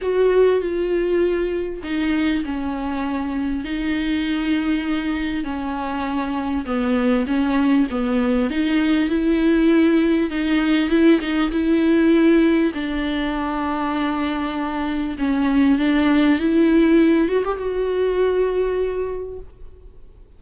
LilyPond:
\new Staff \with { instrumentName = "viola" } { \time 4/4 \tempo 4 = 99 fis'4 f'2 dis'4 | cis'2 dis'2~ | dis'4 cis'2 b4 | cis'4 b4 dis'4 e'4~ |
e'4 dis'4 e'8 dis'8 e'4~ | e'4 d'2.~ | d'4 cis'4 d'4 e'4~ | e'8 fis'16 g'16 fis'2. | }